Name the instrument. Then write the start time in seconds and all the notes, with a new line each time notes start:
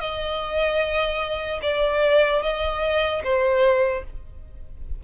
violin
0.00 D#5
1.62 D5
2.42 D#5
3.24 C5